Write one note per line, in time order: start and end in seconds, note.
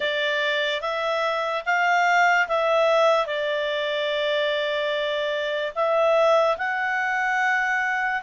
0.00 0.81 D5
0.81 1.63 E5
1.65 2.47 F5
2.48 3.26 E5
3.26 5.73 D5
5.75 6.57 E5
6.57 8.22 F#5